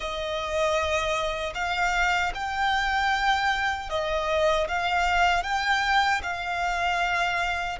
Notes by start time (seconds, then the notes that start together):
0.00 D#5
1.54 F5
2.34 G5
3.89 D#5
4.68 F5
5.43 G5
6.22 F5